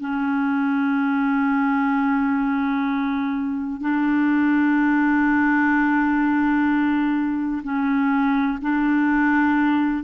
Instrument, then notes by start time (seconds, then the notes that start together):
clarinet
0.00 C#4
3.81 D4
7.63 C#4
8.61 D4